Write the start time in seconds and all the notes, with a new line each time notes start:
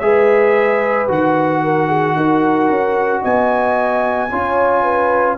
0.00 G#3 G#4 B4 E5
1.08 D#3 F#4 F#5
1.64 A#4
1.88 G#4
2.16 D#4 A#4
2.70 C#4
3.22 B3 D#5 G#5
4.30 C#4 F4 C#5
4.83 B4